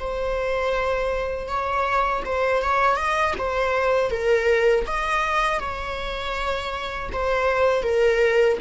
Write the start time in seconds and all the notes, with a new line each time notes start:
0.00 C5
1.48 C#5
2.25 C5
2.62 C#5
2.96 D#5
3.38 C5
4.10 A#4
4.87 D#5
5.59 C#5
7.12 C5
7.83 A#4